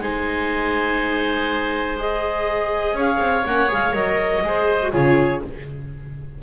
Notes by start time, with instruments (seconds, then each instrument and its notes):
0.00 double bass G#3, viola D#4, oboe C5, clarinet G#5
1.97 viola G#4, clarinet D#5
2.94 double bass C#4, oboe C#5, clarinet F5
3.20 double bass C4
3.46 double bass A#3, viola C#4, clarinet F#5
3.68 double bass G#3, viola G#4, clarinet F5
3.93 double bass F#3, viola A#4, clarinet D#5
4.44 double bass G#3, viola G#4, oboe C5
4.82 viola F#4
4.92 double bass C#3, viola F4, oboe G#4, clarinet C#5